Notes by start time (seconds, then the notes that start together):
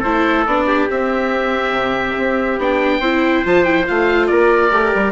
0.00 A3 E4 A4 C5
0.47 B3 D4 D5
0.67 G4
0.89 C4 E5
1.72 C3
2.19 C4
2.58 B3 D4 G5
3.00 C4 E4 C5
3.45 F3 F4 A5
3.65 E4 G5
3.86 A3 F4 F5
4.27 A#3 A#4 D5
4.71 A3 G4
4.95 G3